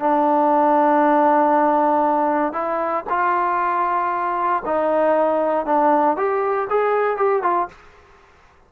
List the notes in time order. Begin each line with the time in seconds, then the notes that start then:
0.00 D4
2.53 E4
3.09 F4
4.66 D#4
5.66 D4
6.17 G4
6.70 G#4
7.17 G4
7.43 F4